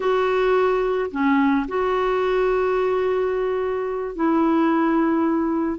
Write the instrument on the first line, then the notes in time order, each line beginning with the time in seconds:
clarinet
0.00 F#4
1.11 C#4
1.68 F#4
4.15 E4